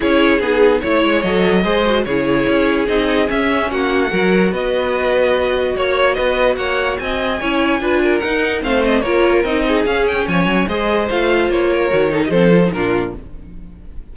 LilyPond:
<<
  \new Staff \with { instrumentName = "violin" } { \time 4/4 \tempo 4 = 146 cis''4 gis'4 cis''4 dis''4~ | dis''4 cis''2 dis''4 | e''4 fis''2 dis''4~ | dis''2 cis''4 dis''4 |
fis''4 gis''2. | fis''4 f''8 dis''8 cis''4 dis''4 | f''8 g''8 gis''4 dis''4 f''4 | cis''4.~ cis''16 dis''16 c''4 ais'4 | }
  \new Staff \with { instrumentName = "violin" } { \time 4/4 gis'2 cis''2 | c''4 gis'2.~ | gis'4 fis'4 ais'4 b'4~ | b'2 cis''4 b'4 |
cis''4 dis''4 cis''4 b'8 ais'8~ | ais'4 c''4 ais'4. gis'8~ | gis'4 cis''4 c''2~ | c''8 ais'4 a'16 g'16 a'4 f'4 | }
  \new Staff \with { instrumentName = "viola" } { \time 4/4 e'4 dis'4 e'4 a'4 | gis'8 fis'8 e'2 dis'4 | cis'2 fis'2~ | fis'1~ |
fis'2 e'4 f'4 | dis'4 c'4 f'4 dis'4 | cis'2 gis'4 f'4~ | f'4 fis'8 dis'8 c'8 f'16 dis'16 d'4 | }
  \new Staff \with { instrumentName = "cello" } { \time 4/4 cis'4 b4 a8 gis8 fis4 | gis4 cis4 cis'4 c'4 | cis'4 ais4 fis4 b4~ | b2 ais4 b4 |
ais4 c'4 cis'4 d'4 | dis'4 a4 ais4 c'4 | cis'4 f8 fis8 gis4 a4 | ais4 dis4 f4 ais,4 | }
>>